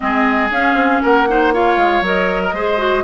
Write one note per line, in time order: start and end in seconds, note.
0.00 0.50 G#3
0.00 0.50 C4
0.00 1.02 G#4
0.00 0.49 D#5
0.50 0.74 C#4
0.50 1.28 C#4
0.50 1.03 F5
0.74 0.99 C4
1.02 1.76 A#3
1.02 1.27 A#4
1.02 1.53 F#5
1.28 1.53 D#4
1.28 1.53 C5
1.53 2.04 F4
1.53 2.42 C#5
1.53 2.04 F5
1.76 2.01 G#3
2.01 2.52 F#3
2.01 2.55 A#4
2.01 3.04 D#5
2.42 2.54 A#4
2.52 3.03 G#3
2.52 2.77 G#4
2.52 3.04 C5
2.77 3.03 F#4